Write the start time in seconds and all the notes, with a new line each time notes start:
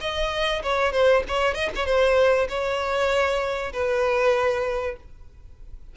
0.00 D#5
0.62 C#5
0.92 C5
1.27 C#5
1.54 D#5
1.75 C#5
1.85 C5
2.48 C#5
3.73 B4